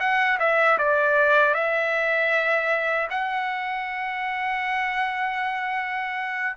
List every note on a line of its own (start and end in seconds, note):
0.00 0.38 F#5
0.40 0.78 E5
0.79 1.55 D5
1.55 3.08 E5
3.11 6.57 F#5